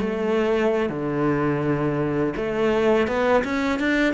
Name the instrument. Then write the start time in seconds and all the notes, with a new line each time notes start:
cello
0.00 A3
0.89 D3
2.36 A3
3.08 B3
3.44 C#4
3.80 D4